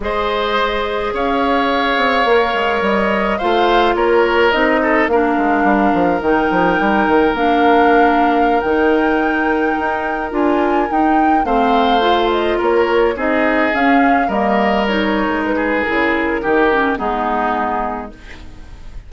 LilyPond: <<
  \new Staff \with { instrumentName = "flute" } { \time 4/4 \tempo 4 = 106 dis''2 f''2~ | f''4 dis''4 f''4 cis''4 | dis''4 f''2 g''4~ | g''4 f''2~ f''16 g''8.~ |
g''2~ g''16 gis''4 g''8.~ | g''16 f''4. dis''8 cis''4 dis''8.~ | dis''16 f''4 dis''4 cis''4 b'8. | ais'2 gis'2 | }
  \new Staff \with { instrumentName = "oboe" } { \time 4/4 c''2 cis''2~ | cis''2 c''4 ais'4~ | ais'8 a'8 ais'2.~ | ais'1~ |
ais'1~ | ais'16 c''2 ais'4 gis'8.~ | gis'4~ gis'16 ais'2~ ais'16 gis'8~ | gis'4 g'4 dis'2 | }
  \new Staff \with { instrumentName = "clarinet" } { \time 4/4 gis'1 | ais'2 f'2 | dis'4 d'2 dis'4~ | dis'4 d'2~ d'16 dis'8.~ |
dis'2~ dis'16 f'4 dis'8.~ | dis'16 c'4 f'2 dis'8.~ | dis'16 cis'4 ais4 dis'4.~ dis'16 | e'4 dis'8 cis'8 b2 | }
  \new Staff \with { instrumentName = "bassoon" } { \time 4/4 gis2 cis'4. c'8 | ais8 gis8 g4 a4 ais4 | c'4 ais8 gis8 g8 f8 dis8 f8 | g8 dis8 ais2~ ais16 dis8.~ |
dis4~ dis16 dis'4 d'4 dis'8.~ | dis'16 a2 ais4 c'8.~ | c'16 cis'4 g4.~ g16 gis4 | cis4 dis4 gis2 | }
>>